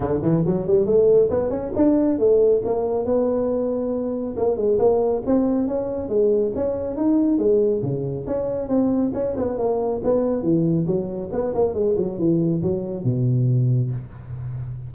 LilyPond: \new Staff \with { instrumentName = "tuba" } { \time 4/4 \tempo 4 = 138 d8 e8 fis8 g8 a4 b8 cis'8 | d'4 a4 ais4 b4~ | b2 ais8 gis8 ais4 | c'4 cis'4 gis4 cis'4 |
dis'4 gis4 cis4 cis'4 | c'4 cis'8 b8 ais4 b4 | e4 fis4 b8 ais8 gis8 fis8 | e4 fis4 b,2 | }